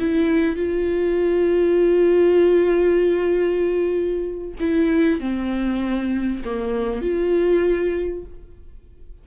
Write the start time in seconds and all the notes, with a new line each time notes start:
0.00 E4
0.56 F4
4.60 E4
5.20 C4
6.45 A#3
7.02 F4